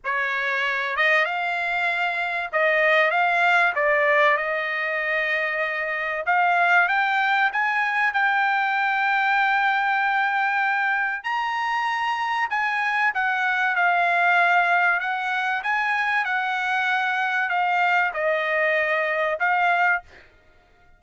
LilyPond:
\new Staff \with { instrumentName = "trumpet" } { \time 4/4 \tempo 4 = 96 cis''4. dis''8 f''2 | dis''4 f''4 d''4 dis''4~ | dis''2 f''4 g''4 | gis''4 g''2.~ |
g''2 ais''2 | gis''4 fis''4 f''2 | fis''4 gis''4 fis''2 | f''4 dis''2 f''4 | }